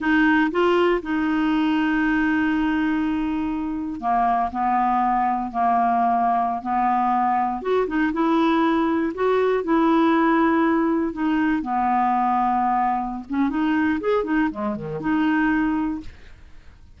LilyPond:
\new Staff \with { instrumentName = "clarinet" } { \time 4/4 \tempo 4 = 120 dis'4 f'4 dis'2~ | dis'1 | ais4 b2 ais4~ | ais4~ ais16 b2 fis'8 dis'16~ |
dis'16 e'2 fis'4 e'8.~ | e'2~ e'16 dis'4 b8.~ | b2~ b8 cis'8 dis'4 | gis'8 dis'8 gis8 dis8 dis'2 | }